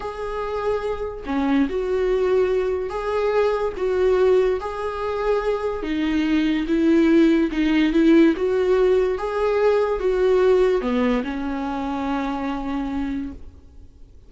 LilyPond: \new Staff \with { instrumentName = "viola" } { \time 4/4 \tempo 4 = 144 gis'2. cis'4 | fis'2. gis'4~ | gis'4 fis'2 gis'4~ | gis'2 dis'2 |
e'2 dis'4 e'4 | fis'2 gis'2 | fis'2 b4 cis'4~ | cis'1 | }